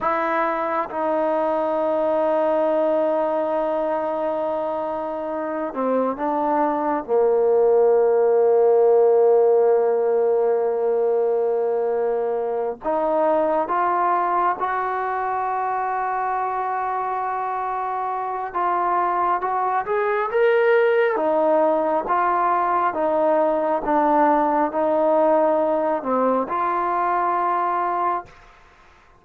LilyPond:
\new Staff \with { instrumentName = "trombone" } { \time 4/4 \tempo 4 = 68 e'4 dis'2.~ | dis'2~ dis'8 c'8 d'4 | ais1~ | ais2~ ais8 dis'4 f'8~ |
f'8 fis'2.~ fis'8~ | fis'4 f'4 fis'8 gis'8 ais'4 | dis'4 f'4 dis'4 d'4 | dis'4. c'8 f'2 | }